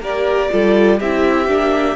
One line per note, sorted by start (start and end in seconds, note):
0.00 0.49 A#3
0.00 0.50 G4
0.00 0.51 A#4
0.00 1.00 D5
0.50 1.00 G3
0.50 0.99 F4
0.50 0.99 A4
0.99 1.48 C4
0.99 1.48 E4
0.99 1.96 G4
0.99 1.96 E5
1.48 1.96 A#3
1.48 1.96 D4